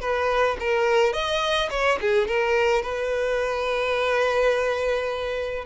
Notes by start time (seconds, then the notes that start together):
0.00 B4
0.59 A#4
1.12 D#5
1.70 C#5
2.00 G#4
2.27 A#4
2.82 B4